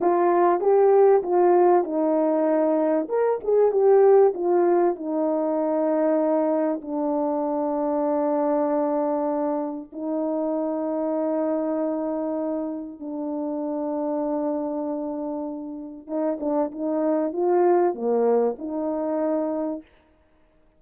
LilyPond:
\new Staff \with { instrumentName = "horn" } { \time 4/4 \tempo 4 = 97 f'4 g'4 f'4 dis'4~ | dis'4 ais'8 gis'8 g'4 f'4 | dis'2. d'4~ | d'1 |
dis'1~ | dis'4 d'2.~ | d'2 dis'8 d'8 dis'4 | f'4 ais4 dis'2 | }